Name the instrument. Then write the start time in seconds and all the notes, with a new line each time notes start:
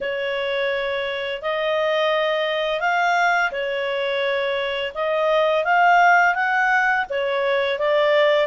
clarinet
0.00 C#5
1.41 D#5
2.80 F5
3.51 C#5
4.94 D#5
5.64 F5
6.35 F#5
7.09 C#5
7.78 D5